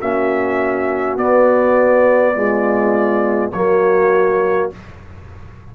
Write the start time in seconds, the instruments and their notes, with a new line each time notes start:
0.00 tuba A#3, trombone C#4, horn F#4, trumpet E5
1.17 tuba B3, trombone B3, trumpet D5
2.34 trombone G#3, horn F4
3.52 tuba F#3, trombone A#3, horn F#4, trumpet C#5